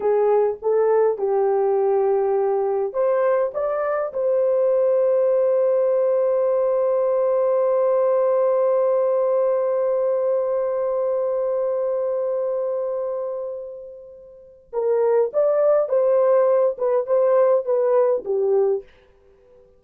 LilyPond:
\new Staff \with { instrumentName = "horn" } { \time 4/4 \tempo 4 = 102 gis'4 a'4 g'2~ | g'4 c''4 d''4 c''4~ | c''1~ | c''1~ |
c''1~ | c''1~ | c''4 ais'4 d''4 c''4~ | c''8 b'8 c''4 b'4 g'4 | }